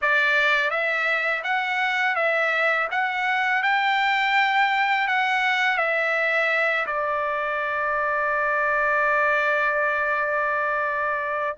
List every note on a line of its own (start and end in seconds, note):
0.01 0.70 D5
0.70 1.43 E5
1.43 2.15 F#5
2.15 2.88 E5
2.91 3.62 F#5
3.62 5.07 G5
5.07 5.77 F#5
5.77 6.85 E5
6.86 11.56 D5